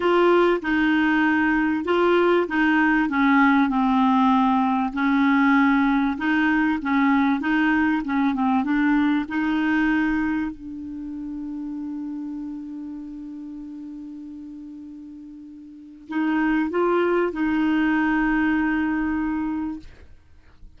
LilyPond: \new Staff \with { instrumentName = "clarinet" } { \time 4/4 \tempo 4 = 97 f'4 dis'2 f'4 | dis'4 cis'4 c'2 | cis'2 dis'4 cis'4 | dis'4 cis'8 c'8 d'4 dis'4~ |
dis'4 d'2.~ | d'1~ | d'2 dis'4 f'4 | dis'1 | }